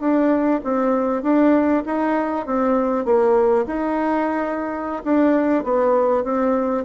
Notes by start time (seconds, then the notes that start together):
0.00 D4
0.64 C4
1.23 D4
1.86 D#4
2.46 C4
3.05 A#3
3.66 D#4
5.04 D4
5.64 B3
6.24 C4